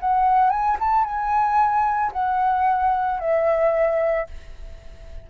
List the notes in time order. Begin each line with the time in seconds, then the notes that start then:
0.00 F#5
0.50 G#5
0.79 A5
1.04 G#5
2.12 F#5
3.19 E5